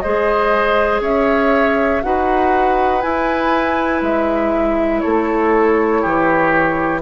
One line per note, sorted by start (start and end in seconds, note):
0.00 1.01 G#3
0.00 2.03 G#4
0.00 1.02 C5
0.00 1.00 D#5
1.01 2.01 C#4
1.01 2.02 C#5
1.01 2.03 E5
2.03 3.04 D#4
2.03 3.02 F#4
2.03 5.03 B4
2.03 3.01 F#5
3.01 7.02 E4
3.01 4.02 E4
3.01 4.01 G#5
4.02 5.02 G#3
4.02 5.00 E5
5.00 6.05 A3
5.00 6.01 A4
5.00 7.00 C#5
6.01 7.02 E3
6.01 7.01 G4